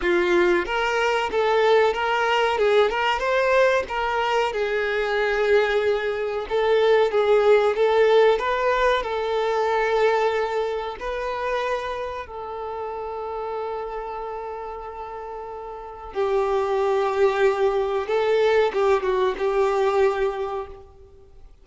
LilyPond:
\new Staff \with { instrumentName = "violin" } { \time 4/4 \tempo 4 = 93 f'4 ais'4 a'4 ais'4 | gis'8 ais'8 c''4 ais'4 gis'4~ | gis'2 a'4 gis'4 | a'4 b'4 a'2~ |
a'4 b'2 a'4~ | a'1~ | a'4 g'2. | a'4 g'8 fis'8 g'2 | }